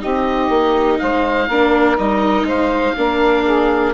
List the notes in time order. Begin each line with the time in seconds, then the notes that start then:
0.00 C4 D#4 G4 D#5
0.49 A#3
0.99 G#3 C5 F5
1.48 A#3 D4 A#4
1.97 G3 D#4 D#5
2.43 G#3 C5 F5
2.97 A#3 D4 A#4
3.44 G#4